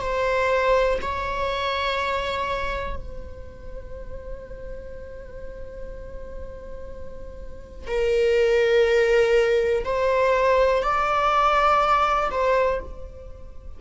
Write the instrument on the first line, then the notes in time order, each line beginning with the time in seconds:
viola
0.00 C5
1.01 C#5
2.96 C5
7.87 A#4
9.84 C5
10.82 D5
12.30 C5